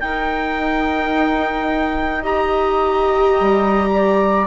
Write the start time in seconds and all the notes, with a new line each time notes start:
0.00 D#4 A#4 G5
2.21 G4 D#5 A#5
3.40 G3
3.94 D5